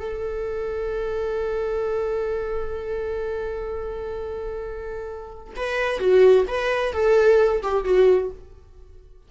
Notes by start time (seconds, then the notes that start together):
0.00 A4
5.57 B4
6.00 F#4
6.48 B4
6.93 A4
7.63 G4
7.85 F#4